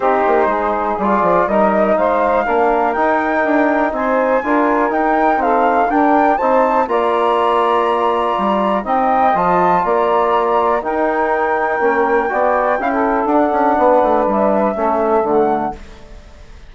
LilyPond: <<
  \new Staff \with { instrumentName = "flute" } { \time 4/4 \tempo 4 = 122 c''2 d''4 dis''4 | f''2 g''2 | gis''2 g''4 f''4 | g''4 a''4 ais''2~ |
ais''2 g''4 a''4 | ais''2 g''2~ | g''2. fis''4~ | fis''4 e''2 fis''4 | }
  \new Staff \with { instrumentName = "saxophone" } { \time 4/4 g'4 gis'2 ais'4 | c''4 ais'2. | c''4 ais'2 a'4 | ais'4 c''4 d''2~ |
d''2 dis''2 | d''2 ais'2~ | ais'4 d''4 f''16 a'4.~ a'16 | b'2 a'2 | }
  \new Staff \with { instrumentName = "trombone" } { \time 4/4 dis'2 f'4 dis'4~ | dis'4 d'4 dis'2~ | dis'4 f'4 dis'4 c'4 | d'4 dis'4 f'2~ |
f'2 dis'4 f'4~ | f'2 dis'2 | cis'4 fis'4 e'4 d'4~ | d'2 cis'4 a4 | }
  \new Staff \with { instrumentName = "bassoon" } { \time 4/4 c'8 ais8 gis4 g8 f8 g4 | gis4 ais4 dis'4 d'4 | c'4 d'4 dis'2 | d'4 c'4 ais2~ |
ais4 g4 c'4 f4 | ais2 dis'2 | ais4 b4 cis'4 d'8 cis'8 | b8 a8 g4 a4 d4 | }
>>